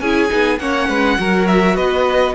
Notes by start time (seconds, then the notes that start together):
0.00 C#4 E4 G#4 G#5
0.29 B3 D#4
0.59 A#3 C#4 C#5 F#5
0.88 G#3 B4
1.19 F#3 F#4 A#4
1.47 E5
1.75 B3 B4 D#5